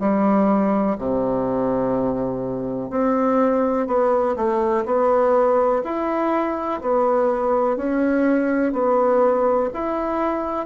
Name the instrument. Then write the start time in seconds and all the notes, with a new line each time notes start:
bassoon
0.00 G3
0.98 C3
2.90 C4
3.87 B3
4.36 A3
4.86 B3
5.84 E4
6.81 B3
7.77 C#4
8.73 B3
9.73 E4